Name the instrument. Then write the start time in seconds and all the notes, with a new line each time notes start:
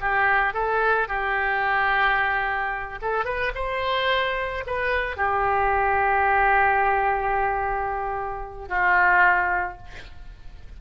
oboe
0.00 G4
0.53 A4
1.08 G4
3.01 A4
3.25 B4
3.55 C5
4.66 B4
5.17 G4
8.68 F4